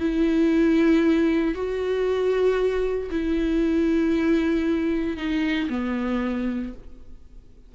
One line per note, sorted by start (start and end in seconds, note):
0.00 1.55 E4
1.55 3.10 F#4
3.11 5.17 E4
5.17 5.69 D#4
5.70 6.73 B3